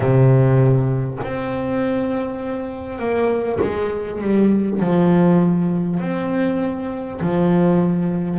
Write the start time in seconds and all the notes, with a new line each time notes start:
0.00 C3
1.23 C4
2.98 A#3
3.61 G#3
4.21 G3
4.79 F3
5.99 C4
7.21 F3